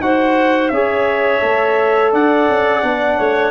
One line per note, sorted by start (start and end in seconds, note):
0.00 0.71 D#4
0.00 0.72 F#4
0.00 0.72 C5
0.00 0.69 F#5
0.69 1.42 C#4
0.69 1.42 G#4
0.69 2.12 C#5
0.69 2.10 E5
1.42 2.13 A3
1.42 2.83 A4
2.12 2.48 D4
2.12 3.17 D5
2.12 3.51 F#5
2.49 2.83 C#4
2.83 3.18 B3
2.83 3.51 D4
3.17 3.51 A3
3.17 3.51 C#5